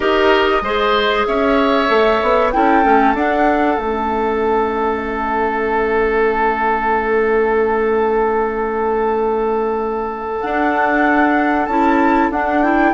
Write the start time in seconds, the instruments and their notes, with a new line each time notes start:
0.00 bassoon D#4, clarinet G4, oboe A#4, flute D#5
0.61 bassoon G#3, clarinet G#4, oboe C5
1.26 bassoon C#4, oboe C#5, flute E5
1.88 bassoon A3, clarinet A4
2.22 bassoon B3
2.51 bassoon C#4, clarinet E4, oboe A4, flute G5
2.83 bassoon A3, clarinet C#4
3.14 bassoon D4, clarinet D4, flute F#5
3.77 bassoon A3, clarinet C#4, flute E5
10.40 clarinet D4, bassoon D4, flute F#5
11.66 bassoon C#4, clarinet E4, flute A5
12.30 bassoon D4, clarinet D4, flute F#5
12.62 clarinet E4, flute G5